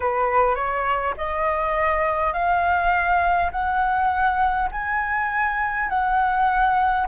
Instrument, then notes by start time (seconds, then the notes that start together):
flute
0.00 B4
0.55 C#5
1.17 D#5
2.33 F5
3.51 F#5
4.71 G#5
5.89 F#5